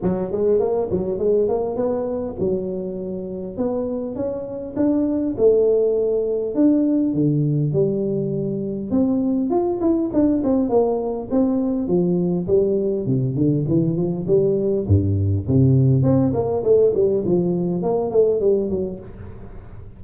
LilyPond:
\new Staff \with { instrumentName = "tuba" } { \time 4/4 \tempo 4 = 101 fis8 gis8 ais8 fis8 gis8 ais8 b4 | fis2 b4 cis'4 | d'4 a2 d'4 | d4 g2 c'4 |
f'8 e'8 d'8 c'8 ais4 c'4 | f4 g4 c8 d8 e8 f8 | g4 g,4 c4 c'8 ais8 | a8 g8 f4 ais8 a8 g8 fis8 | }